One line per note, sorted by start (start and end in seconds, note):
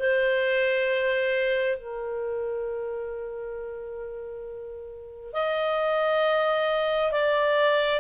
0.00 1.78 C5
1.78 5.33 A#4
5.33 7.12 D#5
7.12 8.00 D5